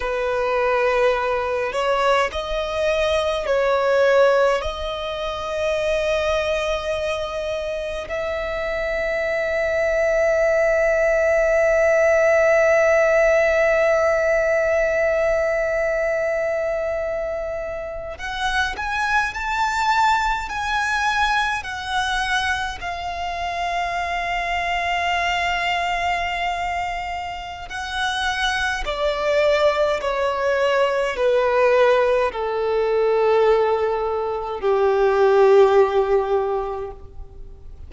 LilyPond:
\new Staff \with { instrumentName = "violin" } { \time 4/4 \tempo 4 = 52 b'4. cis''8 dis''4 cis''4 | dis''2. e''4~ | e''1~ | e''2.~ e''8. fis''16~ |
fis''16 gis''8 a''4 gis''4 fis''4 f''16~ | f''1 | fis''4 d''4 cis''4 b'4 | a'2 g'2 | }